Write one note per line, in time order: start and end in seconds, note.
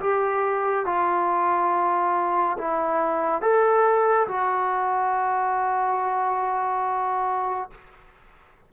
0.00 0.86 G4
0.86 2.57 F4
2.58 3.42 E4
3.42 4.27 A4
4.28 7.71 F#4